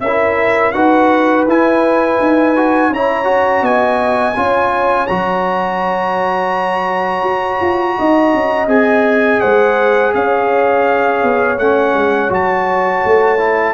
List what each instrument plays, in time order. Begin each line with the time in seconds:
0.00 tuba C#4, horn A#4, trumpet E5
0.06 trombone E4
0.72 tuba D#4, trombone F#4, horn B4, trumpet F#5
1.46 tuba E4, trombone E4, trumpet G#5
2.20 tuba D#4
2.56 trombone F#4
2.89 tuba C#4, trombone E4, horn C#5, trumpet A#5
3.24 trombone F#4
3.61 tuba B3, horn D#5, trumpet G#5
4.35 tuba C#4, trombone F4, horn C#5
5.07 tuba F#3, trombone F#4, trumpet A#5
7.23 tuba F#4
7.61 tuba F4
7.98 tuba D#4, horn D#5
8.33 tuba C#4
8.67 tuba C4, trombone G#4, trumpet G#5
9.40 tuba G#3, horn C5, trumpet F#5
10.14 tuba C#4, horn C#5, trumpet F5
11.23 tuba B3
11.58 tuba A3, trombone C#4, trumpet F#5
11.94 tuba G#3
12.29 tuba F#3, trombone F#4, trumpet A5
13.04 tuba A3
13.38 trombone E4